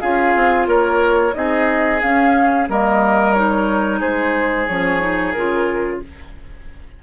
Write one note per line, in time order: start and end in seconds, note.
0.00 0.35 C#4
0.00 1.33 F4
0.00 0.67 G#4
0.00 0.67 F5
0.35 0.67 C4
0.67 1.33 A#3
0.67 1.34 A#4
0.67 1.34 C#5
1.33 2.03 C4
1.33 2.00 D#4
1.33 2.70 G#4
1.33 2.01 D#5
2.01 2.69 C#4
2.01 2.68 C#4
2.01 2.68 F5
2.68 4.01 G3
2.68 3.35 A#3
2.68 4.00 A#4
2.68 3.33 D#5
3.33 4.68 D#4
3.33 4.00 C#5
4.00 4.68 G#3
4.00 6.00 G#4
4.00 4.67 C5
4.67 5.35 F3
4.67 5.00 C#4
4.67 5.33 C#5
5.00 5.33 D#4
5.33 6.02 C#3
5.33 6.03 F4
5.33 5.99 A#4